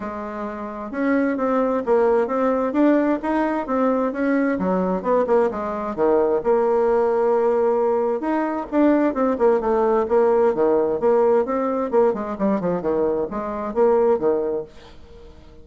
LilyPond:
\new Staff \with { instrumentName = "bassoon" } { \time 4/4 \tempo 4 = 131 gis2 cis'4 c'4 | ais4 c'4 d'4 dis'4 | c'4 cis'4 fis4 b8 ais8 | gis4 dis4 ais2~ |
ais2 dis'4 d'4 | c'8 ais8 a4 ais4 dis4 | ais4 c'4 ais8 gis8 g8 f8 | dis4 gis4 ais4 dis4 | }